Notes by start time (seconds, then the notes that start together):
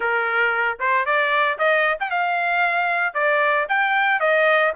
0.00 A#4
0.79 C5
1.05 D5
1.58 D#5
2.00 G5
2.10 F5
3.14 D5
3.68 G5
4.20 D#5